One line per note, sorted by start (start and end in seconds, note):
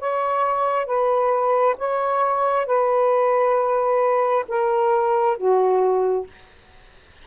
0.00 0.86 C#5
0.86 1.76 B4
1.78 2.67 C#5
2.67 4.46 B4
4.48 5.38 A#4
5.38 6.27 F#4